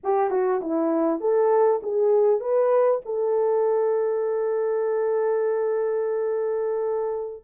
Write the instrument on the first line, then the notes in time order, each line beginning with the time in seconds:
horn
0.03 G4
0.30 F#4
0.61 E4
1.20 A4
1.82 G#4
2.40 B4
3.05 A4